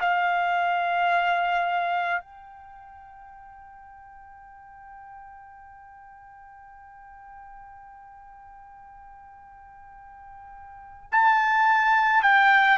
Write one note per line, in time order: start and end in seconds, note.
0.00 2.21 F5
2.21 11.10 G5
11.12 12.22 A5
12.22 12.77 G5